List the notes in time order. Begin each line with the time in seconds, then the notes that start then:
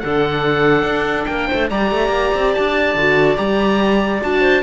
0.00 D3 D4 A4 F#5
0.83 D4
1.26 A#3 A#4 G5
1.48 A3 C5
1.70 G3 G4 D5 A#5
1.91 A3
2.09 A#3
2.35 C4
2.54 D4 A5
2.95 D3 F#4
3.36 G3 G4 A#5
4.22 D4 F#4 A5
4.41 C5